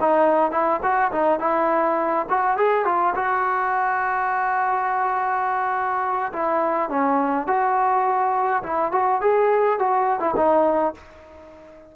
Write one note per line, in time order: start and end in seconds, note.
0.00 0.51 D#4
0.51 0.80 E4
0.83 1.11 F#4
1.12 1.40 D#4
1.40 2.26 E4
2.29 2.57 F#4
2.57 2.85 G#4
2.85 3.14 F4
3.15 6.32 F#4
6.33 6.90 E4
6.90 7.47 C#4
7.47 8.62 F#4
8.63 8.92 E4
8.92 9.21 F#4
9.21 9.79 G#4
9.79 10.20 F#4
10.20 10.34 E4
10.36 10.94 D#4